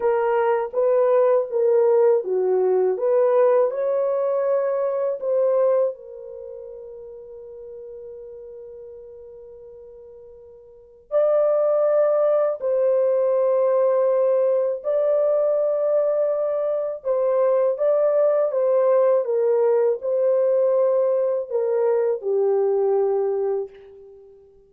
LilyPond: \new Staff \with { instrumentName = "horn" } { \time 4/4 \tempo 4 = 81 ais'4 b'4 ais'4 fis'4 | b'4 cis''2 c''4 | ais'1~ | ais'2. d''4~ |
d''4 c''2. | d''2. c''4 | d''4 c''4 ais'4 c''4~ | c''4 ais'4 g'2 | }